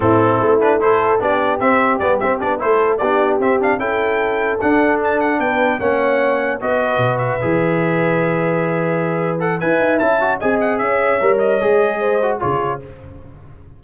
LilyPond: <<
  \new Staff \with { instrumentName = "trumpet" } { \time 4/4 \tempo 4 = 150 a'4. b'8 c''4 d''4 | e''4 d''8 e''8 d''8 c''4 d''8~ | d''8 e''8 f''8 g''2 fis''8~ | fis''8 a''8 fis''8 g''4 fis''4.~ |
fis''8 dis''4. e''2~ | e''2.~ e''8 fis''8 | gis''4 a''4 gis''8 fis''8 e''4~ | e''8 dis''2~ dis''8 cis''4 | }
  \new Staff \with { instrumentName = "horn" } { \time 4/4 e'2 a'4 g'4~ | g'2~ g'8 a'4 g'8~ | g'4. a'2~ a'8~ | a'4. b'4 cis''4.~ |
cis''8 b'2.~ b'8~ | b'1 | e''2 dis''4 cis''4~ | cis''2 c''4 gis'4 | }
  \new Staff \with { instrumentName = "trombone" } { \time 4/4 c'4. d'8 e'4 d'4 | c'4 b8 c'8 d'8 e'4 d'8~ | d'8 c'8 d'8 e'2 d'8~ | d'2~ d'8 cis'4.~ |
cis'8 fis'2 gis'4.~ | gis'2.~ gis'8 a'8 | b'4 e'8 fis'8 gis'2 | ais'4 gis'4. fis'8 f'4 | }
  \new Staff \with { instrumentName = "tuba" } { \time 4/4 a,4 a2 b4 | c'4 g8 c'8 b8 a4 b8~ | b8 c'4 cis'2 d'8~ | d'4. b4 ais4.~ |
ais8 b4 b,4 e4.~ | e1 | e'8 dis'8 cis'4 c'4 cis'4 | g4 gis2 cis4 | }
>>